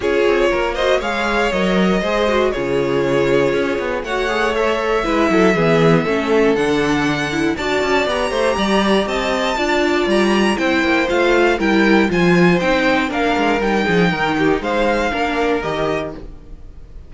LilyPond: <<
  \new Staff \with { instrumentName = "violin" } { \time 4/4 \tempo 4 = 119 cis''4. dis''8 f''4 dis''4~ | dis''4 cis''2. | fis''4 e''2.~ | e''4 fis''2 a''4 |
ais''2 a''2 | ais''4 g''4 f''4 g''4 | gis''4 g''4 f''4 g''4~ | g''4 f''2 dis''4 | }
  \new Staff \with { instrumentName = "violin" } { \time 4/4 gis'4 ais'8 c''8 cis''2 | c''4 gis'2. | cis''2 b'8 a'8 gis'4 | a'2. d''4~ |
d''8 c''8 d''4 dis''4 d''4~ | d''4 c''2 ais'4 | c''2 ais'4. gis'8 | ais'8 g'8 c''4 ais'2 | }
  \new Staff \with { instrumentName = "viola" } { \time 4/4 f'4. fis'8 gis'4 ais'4 | gis'8 fis'8 f'2. | fis'8 gis'8 a'4 e'4 b4 | cis'4 d'4. e'8 fis'4 |
g'2. f'4~ | f'4 e'4 f'4 e'4 | f'4 dis'4 d'4 dis'4~ | dis'2 d'4 g'4 | }
  \new Staff \with { instrumentName = "cello" } { \time 4/4 cis'8 c'8 ais4 gis4 fis4 | gis4 cis2 cis'8 b8 | a2 gis8 fis8 e4 | a4 d2 d'8 cis'8 |
b8 a8 g4 c'4 d'4 | g4 c'8 ais8 a4 g4 | f4 c'4 ais8 gis8 g8 f8 | dis4 gis4 ais4 dis4 | }
>>